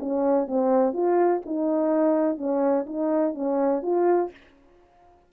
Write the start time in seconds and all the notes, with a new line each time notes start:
0.00 C#4
0.48 C4
0.94 F4
1.46 D#4
2.38 C#4
2.87 D#4
3.35 C#4
3.82 F4